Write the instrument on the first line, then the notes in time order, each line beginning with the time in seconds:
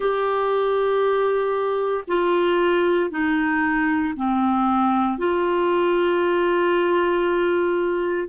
clarinet
0.00 G4
2.07 F4
3.10 D#4
4.16 C4
5.17 F4